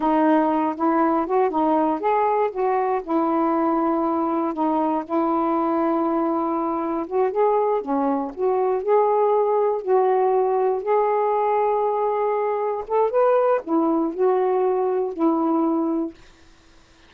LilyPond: \new Staff \with { instrumentName = "saxophone" } { \time 4/4 \tempo 4 = 119 dis'4. e'4 fis'8 dis'4 | gis'4 fis'4 e'2~ | e'4 dis'4 e'2~ | e'2 fis'8 gis'4 cis'8~ |
cis'8 fis'4 gis'2 fis'8~ | fis'4. gis'2~ gis'8~ | gis'4. a'8 b'4 e'4 | fis'2 e'2 | }